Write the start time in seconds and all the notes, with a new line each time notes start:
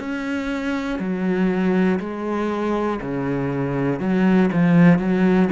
0.00 C#4
1.00 F#3
2.00 G#3
3.02 C#3
4.00 F#3
4.53 F3
4.99 F#3